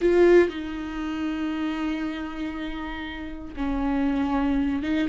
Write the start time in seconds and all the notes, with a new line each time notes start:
0.01 F4
0.49 D#4
3.56 C#4
4.82 D#4